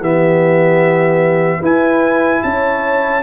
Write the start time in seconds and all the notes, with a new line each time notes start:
0.00 E3 B3 G4 E5
1.59 E4 B4 G#5
2.43 C#4 C#5 A5